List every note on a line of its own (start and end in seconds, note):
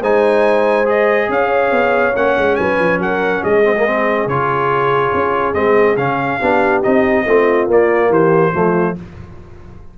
0.00 1.29 G#3
0.00 0.85 D#4
0.00 1.28 C5
0.00 0.88 G#5
0.85 2.13 G#4
0.85 1.31 D#5
1.29 1.71 C#4
1.29 2.58 C#5
1.29 2.16 F5
1.71 2.14 B3
2.15 2.37 A#3
2.15 3.64 C#4
2.15 2.56 F#5
2.37 2.59 G#3
2.56 2.79 F#3
2.56 3.00 B4
2.56 2.98 G#5
2.79 2.99 F3
2.99 3.42 F#3
2.99 3.41 A#4
2.99 3.44 F#5
3.41 4.26 G#3
3.41 6.39 G#4
3.41 4.29 D#5
3.64 3.75 C4
3.77 3.86 A#3
3.86 4.29 C4
4.26 5.11 C#3
4.26 5.54 F4
4.26 5.54 C#5
5.14 5.54 C#4
5.54 5.97 G#3
5.54 5.97 C4
5.54 5.96 D#5
5.97 6.39 C#3
5.97 6.40 C#4
5.97 6.82 F5
6.40 6.84 B3
6.40 6.83 D4
6.40 7.25 G4
6.83 7.26 C4
6.83 7.26 D#4
6.83 7.68 D#5
7.25 7.68 A3
7.25 7.70 C4
7.25 8.10 F4
7.68 8.10 A#3
7.68 8.53 A#3
7.68 8.13 D5
8.10 8.52 E3
8.10 8.52 G4
8.10 8.98 C5
8.53 8.97 F3
8.53 8.96 A3
8.53 8.97 F4